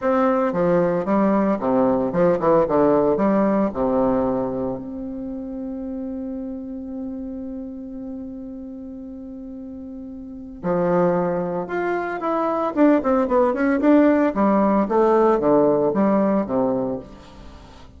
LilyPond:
\new Staff \with { instrumentName = "bassoon" } { \time 4/4 \tempo 4 = 113 c'4 f4 g4 c4 | f8 e8 d4 g4 c4~ | c4 c'2.~ | c'1~ |
c'1 | f2 f'4 e'4 | d'8 c'8 b8 cis'8 d'4 g4 | a4 d4 g4 c4 | }